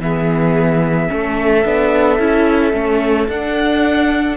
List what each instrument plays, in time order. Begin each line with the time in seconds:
0.00 cello E3, viola B3, violin G#4 E5
1.09 cello A3, viola C#4, violin A4
1.65 cello B3, viola D4
2.19 cello C#4, viola E4
2.73 cello A3, viola C#4
3.28 cello D4, viola D4, violin F#5